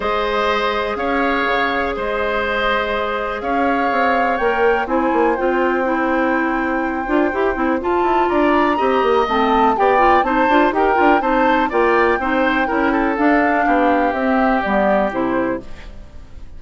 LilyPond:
<<
  \new Staff \with { instrumentName = "flute" } { \time 4/4 \tempo 4 = 123 dis''2 f''2 | dis''2. f''4~ | f''4 g''4 gis''4 g''4~ | g''1 |
a''4 ais''2 a''4 | g''4 a''4 g''4 a''4 | g''2. f''4~ | f''4 e''4 d''4 c''4 | }
  \new Staff \with { instrumentName = "oboe" } { \time 4/4 c''2 cis''2 | c''2. cis''4~ | cis''2 c''2~ | c''1~ |
c''4 d''4 dis''2 | d''4 c''4 ais'4 c''4 | d''4 c''4 ais'8 a'4. | g'1 | }
  \new Staff \with { instrumentName = "clarinet" } { \time 4/4 gis'1~ | gis'1~ | gis'4 ais'4 e'4 f'4 | e'2~ e'8 f'8 g'8 e'8 |
f'2 g'4 c'4 | g'8 f'8 dis'8 f'8 g'8 f'8 dis'4 | f'4 dis'4 e'4 d'4~ | d'4 c'4 b4 e'4 | }
  \new Staff \with { instrumentName = "bassoon" } { \time 4/4 gis2 cis'4 cis4 | gis2. cis'4 | c'4 ais4 c'8 ais8 c'4~ | c'2~ c'8 d'8 e'8 c'8 |
f'8 e'8 d'4 c'8 ais8 a4 | b4 c'8 d'8 dis'8 d'8 c'4 | ais4 c'4 cis'4 d'4 | b4 c'4 g4 c4 | }
>>